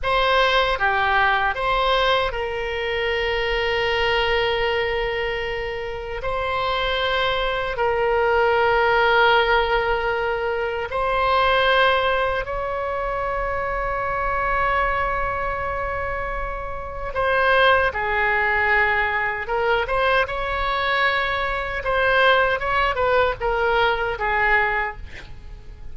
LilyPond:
\new Staff \with { instrumentName = "oboe" } { \time 4/4 \tempo 4 = 77 c''4 g'4 c''4 ais'4~ | ais'1 | c''2 ais'2~ | ais'2 c''2 |
cis''1~ | cis''2 c''4 gis'4~ | gis'4 ais'8 c''8 cis''2 | c''4 cis''8 b'8 ais'4 gis'4 | }